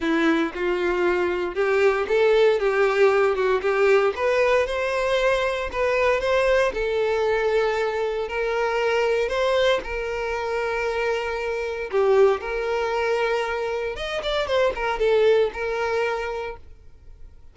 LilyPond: \new Staff \with { instrumentName = "violin" } { \time 4/4 \tempo 4 = 116 e'4 f'2 g'4 | a'4 g'4. fis'8 g'4 | b'4 c''2 b'4 | c''4 a'2. |
ais'2 c''4 ais'4~ | ais'2. g'4 | ais'2. dis''8 d''8 | c''8 ais'8 a'4 ais'2 | }